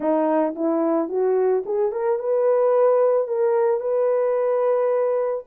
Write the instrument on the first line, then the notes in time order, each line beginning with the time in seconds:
horn
0.00 D#4
0.55 E4
1.09 F#4
1.65 G#4
1.92 A#4
2.19 B4
3.27 A#4
3.80 B4